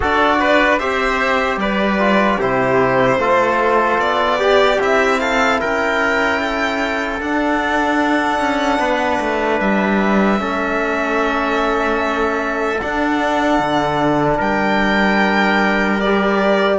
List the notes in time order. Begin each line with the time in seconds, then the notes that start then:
0.00 D4 F#4 A4 D5
0.39 B4
0.79 C4 G4 C5 E5
1.57 G3 B4 D5
1.99 F4
2.39 C3 E4 G4 C5
3.18 A3 F4 A4
3.97 B3 D5
4.39 G4
4.79 C4 E4 E5
5.19 A4 F5
5.60 C#4 A#4 G5
6.40 A4
7.20 D4 F#5
8.39 C#4
8.79 B3 B4
9.20 A3
9.60 G3 E5
10.38 A3 C#4 A4
12.81 D4 F#5
13.59 D3
14.36 G3 A#4 G5
16.00 G4 D5